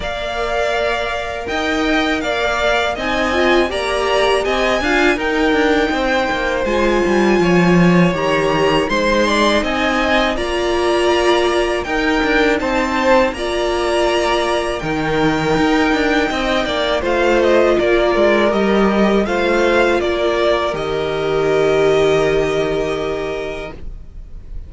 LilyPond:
<<
  \new Staff \with { instrumentName = "violin" } { \time 4/4 \tempo 4 = 81 f''2 g''4 f''4 | gis''4 ais''4 gis''4 g''4~ | g''4 gis''2 ais''4 | c'''4 gis''4 ais''2 |
g''4 a''4 ais''2 | g''2. f''8 dis''8 | d''4 dis''4 f''4 d''4 | dis''1 | }
  \new Staff \with { instrumentName = "violin" } { \time 4/4 d''2 dis''4 d''4 | dis''4 d''4 dis''8 f''8 ais'4 | c''2 cis''2 | c''8 d''8 dis''4 d''2 |
ais'4 c''4 d''2 | ais'2 dis''8 d''8 c''4 | ais'2 c''4 ais'4~ | ais'1 | }
  \new Staff \with { instrumentName = "viola" } { \time 4/4 ais'1 | dis'8 f'8 g'4. f'8 dis'4~ | dis'4 f'2 g'4 | dis'2 f'2 |
dis'2 f'2 | dis'2. f'4~ | f'4 g'4 f'2 | g'1 | }
  \new Staff \with { instrumentName = "cello" } { \time 4/4 ais2 dis'4 ais4 | c'4 ais4 c'8 d'8 dis'8 d'8 | c'8 ais8 gis8 g8 f4 dis4 | gis4 c'4 ais2 |
dis'8 d'8 c'4 ais2 | dis4 dis'8 d'8 c'8 ais8 a4 | ais8 gis8 g4 a4 ais4 | dis1 | }
>>